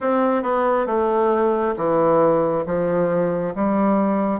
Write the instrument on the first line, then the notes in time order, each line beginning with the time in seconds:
bassoon
0.00 C4
0.43 B3
0.86 A3
1.76 E3
2.66 F3
3.55 G3